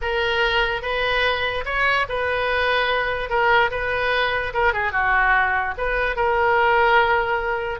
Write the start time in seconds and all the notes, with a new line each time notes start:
0.01 A#4
0.82 B4
1.65 C#5
2.08 B4
3.29 A#4
3.70 B4
4.53 A#4
4.73 G#4
4.92 F#4
5.77 B4
6.16 A#4